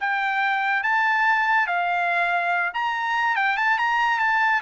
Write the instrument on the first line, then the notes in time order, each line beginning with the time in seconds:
trumpet
0.00 G5
0.83 A5
1.67 F5
2.74 A#5
3.36 G5
3.57 A5
3.78 A#5
4.19 A5